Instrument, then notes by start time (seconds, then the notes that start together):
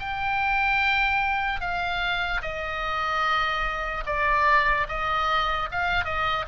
oboe
0.00 G5
1.61 F5
2.42 D#5
4.07 D5
4.89 D#5
5.72 F5
6.05 D#5